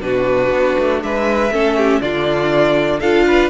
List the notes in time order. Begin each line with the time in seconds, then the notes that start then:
0.00 B2 D4 F#4 B4
0.51 B3
0.79 A3
1.02 G#3 B4 E5
1.50 A3 C#4 A4
1.77 G4
2.01 D3 D4 F4 D5
3.00 D4 F4 A4 F5
3.27 B4